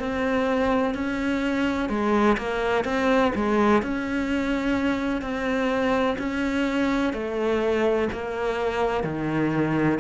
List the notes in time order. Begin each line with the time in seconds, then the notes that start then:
0.00 C4
0.95 C#4
1.90 G#3
2.38 A#3
2.85 C4
3.36 G#3
3.83 C#4
5.22 C4
6.19 C#4
7.13 A3
8.13 A#3
9.04 D#3